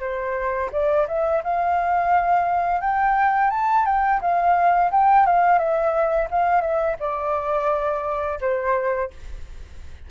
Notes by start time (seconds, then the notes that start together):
0.00 C5
0.72 D5
1.08 E5
1.43 F5
2.81 G5
3.50 A5
3.86 G5
4.21 F5
4.91 G5
5.26 F5
5.58 E5
6.31 F5
6.61 E5
7.00 D5
8.41 C5